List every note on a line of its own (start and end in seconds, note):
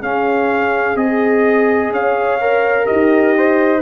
0.00 0.96 C#4
0.00 1.90 G#4
0.00 0.97 F5
0.96 1.91 C4
0.96 2.39 G#4
0.96 1.92 D#5
1.91 2.86 C#4
1.91 2.84 C#5
1.91 2.87 F5
2.40 3.36 A#4
2.84 3.79 G4
2.84 3.82 D#5
2.91 3.82 D#4
3.37 3.82 C5